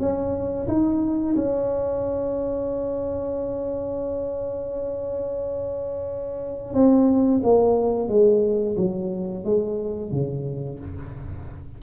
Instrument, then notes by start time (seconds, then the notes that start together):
tuba
0.00 C#4
0.68 D#4
1.36 C#4
6.74 C4
7.43 A#3
8.09 G#3
8.77 F#3
9.45 G#3
10.12 C#3